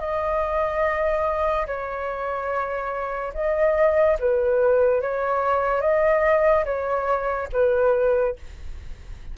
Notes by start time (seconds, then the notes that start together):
0.00 D#5
1.67 C#5
3.34 D#5
4.20 B4
5.02 C#5
5.81 D#5
6.66 C#5
7.53 B4